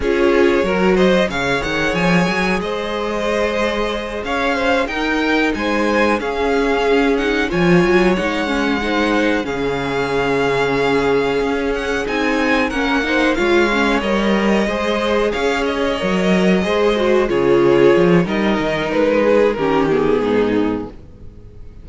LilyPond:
<<
  \new Staff \with { instrumentName = "violin" } { \time 4/4 \tempo 4 = 92 cis''4. dis''8 f''8 fis''8 gis''4 | dis''2~ dis''8 f''4 g''8~ | g''8 gis''4 f''4. fis''8 gis''8~ | gis''8 fis''2 f''4.~ |
f''2 fis''8 gis''4 fis''8~ | fis''8 f''4 dis''2 f''8 | dis''2~ dis''8 cis''4. | dis''4 b'4 ais'8 gis'4. | }
  \new Staff \with { instrumentName = "violin" } { \time 4/4 gis'4 ais'8 c''8 cis''2 | c''2~ c''8 cis''8 c''8 ais'8~ | ais'8 c''4 gis'2 cis''8~ | cis''4. c''4 gis'4.~ |
gis'2.~ gis'8 ais'8 | c''8 cis''2 c''4 cis''8~ | cis''4. c''4 gis'4. | ais'4. gis'8 g'4 dis'4 | }
  \new Staff \with { instrumentName = "viola" } { \time 4/4 f'4 fis'4 gis'2~ | gis'2.~ gis'8 dis'8~ | dis'4. cis'4. dis'8 f'8~ | f'8 dis'8 cis'8 dis'4 cis'4.~ |
cis'2~ cis'8 dis'4 cis'8 | dis'8 f'8 cis'8 ais'4 gis'4.~ | gis'8 ais'4 gis'8 fis'8 f'4. | dis'2 cis'8 b4. | }
  \new Staff \with { instrumentName = "cello" } { \time 4/4 cis'4 fis4 cis8 dis8 f8 fis8 | gis2~ gis8 cis'4 dis'8~ | dis'8 gis4 cis'2 f8 | fis8 gis2 cis4.~ |
cis4. cis'4 c'4 ais8~ | ais8 gis4 g4 gis4 cis'8~ | cis'8 fis4 gis4 cis4 f8 | g8 dis8 gis4 dis4 gis,4 | }
>>